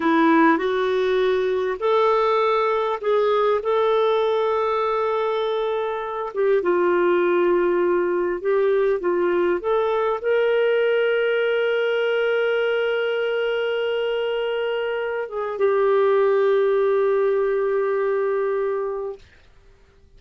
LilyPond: \new Staff \with { instrumentName = "clarinet" } { \time 4/4 \tempo 4 = 100 e'4 fis'2 a'4~ | a'4 gis'4 a'2~ | a'2~ a'8 g'8 f'4~ | f'2 g'4 f'4 |
a'4 ais'2.~ | ais'1~ | ais'4. gis'8 g'2~ | g'1 | }